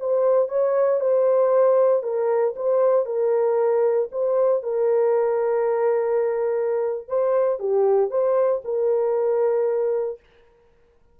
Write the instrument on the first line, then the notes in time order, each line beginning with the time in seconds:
horn
0.00 C5
0.49 C#5
1.00 C5
2.03 A#4
2.56 C5
3.06 A#4
4.12 C5
4.63 A#4
7.08 C5
7.60 G4
8.11 C5
8.64 A#4